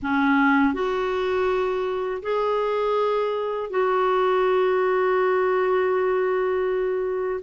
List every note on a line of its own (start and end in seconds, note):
0.02 0.73 C#4
0.73 2.22 F#4
2.22 3.70 G#4
3.70 7.40 F#4